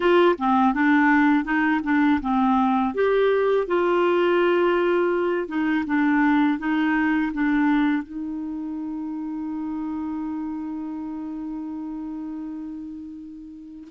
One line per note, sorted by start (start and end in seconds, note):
0.00 0.35 F4
0.38 0.74 C4
0.74 1.44 D4
1.44 1.81 D#4
1.83 2.20 D4
2.21 2.94 C4
2.94 3.67 G4
3.67 5.48 F4
5.48 5.84 D#4
5.86 6.58 D4
6.58 7.31 D#4
7.33 8.02 D4
8.02 13.88 D#4